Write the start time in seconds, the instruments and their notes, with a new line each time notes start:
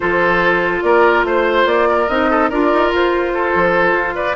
0.00 bassoon F3, clarinet F4, oboe A4, flute C5
0.82 bassoon A#3, oboe A#4, flute D5
1.23 bassoon A3, oboe C5
1.30 flute C5
1.65 bassoon A#3, flute D5
1.88 oboe A#4
2.08 bassoon C4, clarinet D#4, flute D#5
2.30 oboe A4
2.49 bassoon D4, clarinet F4, oboe A#4, flute D5
2.72 bassoon D#4
2.89 bassoon F4, flute C5
3.34 oboe A4
3.55 bassoon F3
3.92 bassoon F4
4.15 oboe B4, flute D5